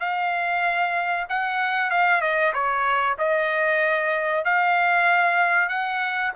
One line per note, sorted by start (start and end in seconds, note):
0.00 1.26 F5
1.29 1.90 F#5
1.90 2.21 F5
2.21 2.53 D#5
2.53 3.17 C#5
3.18 4.45 D#5
4.45 5.69 F5
5.69 6.32 F#5